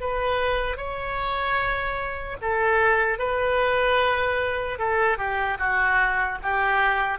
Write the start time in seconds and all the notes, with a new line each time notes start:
0.00 B4
0.77 C#5
2.41 A4
3.19 B4
4.79 A4
5.18 G4
5.58 F#4
6.43 G4